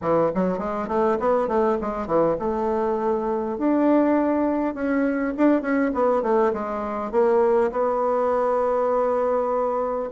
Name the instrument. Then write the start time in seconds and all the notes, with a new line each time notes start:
bassoon
0.01 E3
0.35 F#3
0.58 G#3
0.87 A3
1.19 B3
1.47 A3
1.81 G#3
2.06 E3
2.39 A3
3.58 D4
4.74 C#4
5.37 D4
5.61 C#4
5.94 B3
6.22 A3
6.53 G#3
7.11 A#3
7.71 B3